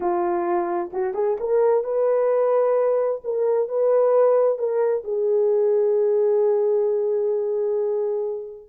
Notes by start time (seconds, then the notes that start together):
0.00 F4
0.93 F#4
1.14 G#4
1.40 A#4
1.83 B4
3.24 A#4
3.68 B4
4.58 A#4
5.04 G#4